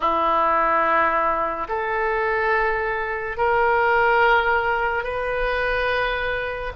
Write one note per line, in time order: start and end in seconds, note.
0.00 1.67 E4
1.68 3.37 A4
3.37 5.03 A#4
5.03 6.72 B4